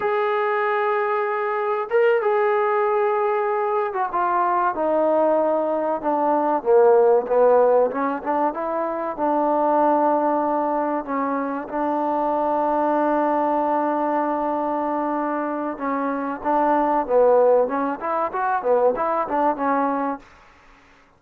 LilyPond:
\new Staff \with { instrumentName = "trombone" } { \time 4/4 \tempo 4 = 95 gis'2. ais'8 gis'8~ | gis'2~ gis'16 fis'16 f'4 dis'8~ | dis'4. d'4 ais4 b8~ | b8 cis'8 d'8 e'4 d'4.~ |
d'4. cis'4 d'4.~ | d'1~ | d'4 cis'4 d'4 b4 | cis'8 e'8 fis'8 b8 e'8 d'8 cis'4 | }